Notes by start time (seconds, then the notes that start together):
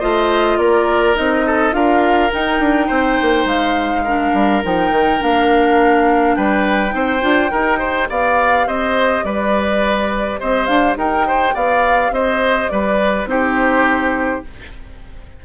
0.00 A3 F4 C5 D#5
0.58 A#3 A#4 D5
1.15 C4 D#4 D#5
1.47 A4
1.72 D4 F4 A#4 F5
2.33 D#4 G5
2.60 D4
2.87 C4 C5
3.22 A#3
3.45 G#3 F5
4.05 D4 A#4
4.34 G3
4.63 F3 D#4 G5
4.91 D#3
5.20 A#3 D4 F5
6.36 G3 B4 G5
6.89 C4 D#4 C5
7.22 D4 F4
7.50 D#4 G4 A#4
7.79 C5
8.10 B3 D5 F5
8.67 C4 C5 D#5
9.25 G3 B4 D5
10.40 C4 C5 D#5
10.66 D4 F5
10.97 D#4 A#4 G5
11.28 C5
11.54 B3 D5 F5
12.11 C4 C5 D#5
12.69 G3 B4 D5
13.26 C4 D#4 G4 C5